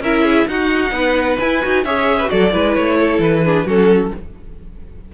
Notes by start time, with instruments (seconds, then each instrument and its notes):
0.00 cello C#4, viola E4, violin A#4 E5
0.25 violin G#4
0.48 cello D#4, viola D#4, violin F#4 F#5
0.92 cello B3, violin B4
1.40 viola E4, cello E4, violin G#5
1.62 cello D#4, viola F#4
1.85 cello C#4, viola G#4, violin C#5 E5
2.19 violin B4
2.26 cello F#3, viola F#4, violin A4 D5
2.53 cello G#3, viola E4, violin B4
2.75 cello A3, violin C#5
3.00 violin A4
3.19 cello E3, violin B4
3.45 viola D4, violin G#4
3.66 cello F#3, viola C#4, violin F#4 A4